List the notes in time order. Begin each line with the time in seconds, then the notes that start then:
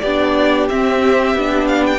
0.00 B3 G4 D5
0.06 D4
0.69 C4 E5
1.35 B3 D4
1.68 F5
1.87 G5